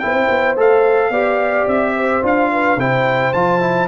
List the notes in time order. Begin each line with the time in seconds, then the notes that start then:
0.00 B3 E4 C5 G5
0.14 C4
0.29 B3
0.57 A3 A4 F5
1.10 B3 G4 D5
1.67 C4 E5
1.96 C5
2.23 D4 F4 F5
2.52 B4
2.77 C3 E4 C5 G5
3.33 F3 F4 A5
3.61 E4